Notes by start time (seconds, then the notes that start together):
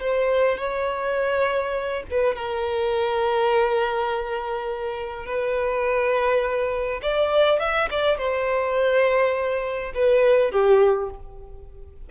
0.00 C5
0.58 C#5
2.10 B4
2.35 A#4
5.26 B4
7.02 D5
7.59 E5
7.90 D5
8.18 C5
9.95 B4
10.51 G4